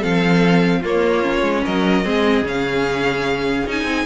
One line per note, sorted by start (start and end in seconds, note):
0.00 0.84 F3
0.00 0.83 C4
0.00 0.81 A4
0.00 0.84 F5
0.81 1.23 A#3
0.81 1.42 A#3
0.81 1.62 F4
0.81 1.65 C#5
1.23 2.04 C#4
1.42 1.63 G#3
1.65 2.06 F#3
1.65 2.05 A#4
1.65 2.45 D#5
2.05 2.42 G#3
2.05 2.45 C4
2.05 4.06 G#4
2.42 3.63 C#3
2.42 3.67 C#4
2.48 3.69 F5
3.67 3.84 C#4
3.67 4.06 D#4
3.67 4.06 G#5
3.84 4.04 C4